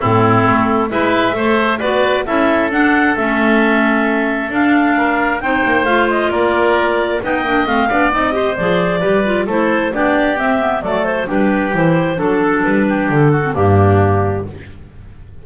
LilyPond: <<
  \new Staff \with { instrumentName = "clarinet" } { \time 4/4 \tempo 4 = 133 a'2 e''2 | d''4 e''4 fis''4 e''4~ | e''2 f''2 | g''4 f''8 dis''8 d''2 |
g''4 f''4 dis''4 d''4~ | d''4 c''4 d''4 e''4 | d''8 c''8 b'4 c''4 a'4 | b'4 a'4 g'2 | }
  \new Staff \with { instrumentName = "oboe" } { \time 4/4 e'2 b'4 c''4 | b'4 a'2.~ | a'2. ais'4 | c''2 ais'2 |
dis''4. d''4 c''4. | b'4 a'4 g'2 | a'4 g'2 a'4~ | a'8 g'4 fis'8 d'2 | }
  \new Staff \with { instrumentName = "clarinet" } { \time 4/4 c'2 e'4 a'4 | fis'4 e'4 d'4 cis'4~ | cis'2 d'2 | dis'4 f'2. |
dis'8 d'8 c'8 d'8 dis'8 g'8 gis'4 | g'8 f'8 e'4 d'4 c'8 b8 | a4 d'4 e'4 d'4~ | d'4.~ d'16 c'16 ais2 | }
  \new Staff \with { instrumentName = "double bass" } { \time 4/4 a,4 a4 gis4 a4 | b4 cis'4 d'4 a4~ | a2 d'2 | c'8 ais8 a4 ais2 |
b8 ais8 a8 b8 c'4 f4 | g4 a4 b4 c'4 | fis4 g4 e4 fis4 | g4 d4 g,2 | }
>>